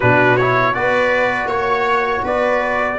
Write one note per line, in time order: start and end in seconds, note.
0.00 0.75 B2
0.00 0.39 D4
0.00 0.74 F#4
0.00 0.36 B4
0.36 0.73 E4
0.36 0.74 C#5
0.73 1.46 B3
0.73 2.98 F#4
0.73 1.48 B4
0.73 1.49 D5
1.46 2.21 A#3
1.46 2.23 C#5
1.46 2.25 C#5
2.24 2.99 B3
2.24 2.99 B4
2.24 2.99 D5